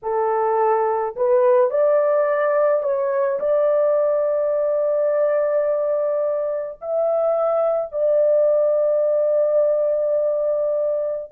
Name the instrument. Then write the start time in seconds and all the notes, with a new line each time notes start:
horn
0.02 A4
1.16 B4
1.70 D5
2.83 C#5
3.40 D5
6.81 E5
7.91 D5